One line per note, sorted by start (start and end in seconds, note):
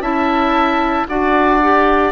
0.00 1.05 C#4
0.00 1.07 E4
0.00 1.07 E5
0.00 1.07 A5
1.07 2.12 D4
1.07 1.61 F#4
1.07 2.12 D5
1.07 2.12 F#5
1.62 2.12 G4